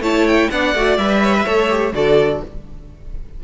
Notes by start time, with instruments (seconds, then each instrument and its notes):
0.00 cello A3, viola E4, violin C#5 A5
0.28 violin G5
0.50 cello B3, viola D4, violin D5 F#5
0.75 cello A3, viola F#4
0.98 cello G3, viola B4, violin E5
1.24 violin C#5
1.37 violin B4
1.45 cello A3, viola A4, violin C#5
1.70 viola G4
1.93 cello D3, viola F#4, violin A4 D5